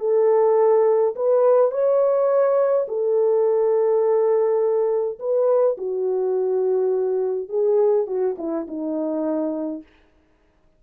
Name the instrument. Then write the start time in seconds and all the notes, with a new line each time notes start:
horn
0.00 A4
1.16 B4
1.72 C#5
2.88 A4
5.20 B4
5.78 F#4
7.49 G#4
8.07 F#4
8.38 E4
8.68 D#4